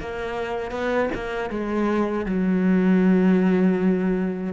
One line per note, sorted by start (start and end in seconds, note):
0.00 0.71 A#3
0.71 1.09 B3
1.14 1.50 A#3
1.50 2.26 G#3
2.26 4.53 F#3